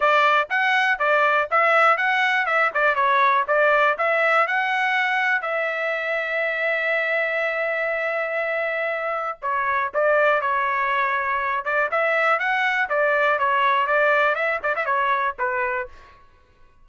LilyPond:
\new Staff \with { instrumentName = "trumpet" } { \time 4/4 \tempo 4 = 121 d''4 fis''4 d''4 e''4 | fis''4 e''8 d''8 cis''4 d''4 | e''4 fis''2 e''4~ | e''1~ |
e''2. cis''4 | d''4 cis''2~ cis''8 d''8 | e''4 fis''4 d''4 cis''4 | d''4 e''8 d''16 e''16 cis''4 b'4 | }